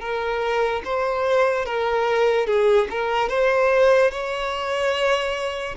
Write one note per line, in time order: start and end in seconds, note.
0.00 0.82 A#4
0.84 1.65 C5
1.65 2.46 A#4
2.46 2.87 G#4
2.90 3.29 A#4
3.29 4.11 C5
4.11 5.75 C#5